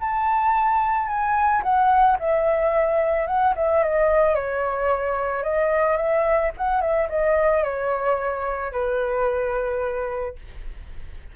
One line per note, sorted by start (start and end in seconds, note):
0.00 1.07 A5
1.07 1.62 G#5
1.63 2.17 F#5
2.19 3.27 E5
3.27 3.54 F#5
3.56 3.83 E5
3.83 4.35 D#5
4.35 5.43 C#5
5.43 5.97 D#5
5.97 6.51 E5
6.57 6.81 F#5
6.81 7.08 E5
7.09 7.63 D#5
7.63 8.72 C#5
8.72 10.36 B4